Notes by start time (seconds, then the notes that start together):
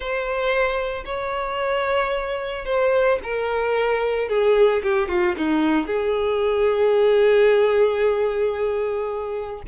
0.00 C5
1.05 C#5
2.65 C5
3.23 A#4
4.28 G#4
4.83 G4
5.08 F4
5.37 D#4
5.87 G#4